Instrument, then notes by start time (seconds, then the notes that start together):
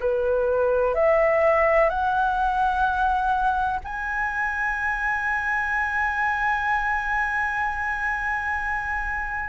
flute
0.00 B4
0.94 E5
1.89 F#5
3.84 G#5